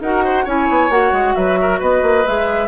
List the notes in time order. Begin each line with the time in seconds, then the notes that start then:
0.00 D#4 F#4 A#4 F#5
0.24 C5
0.44 C#4 E4 C#5 G#5
0.69 B3
0.89 A#3 F#4 F#5
1.12 G#3
1.35 F#3 B4 E5
1.61 A#4
1.79 B3 B4 D#5
2.02 A#3
2.26 G#3 G#4 E5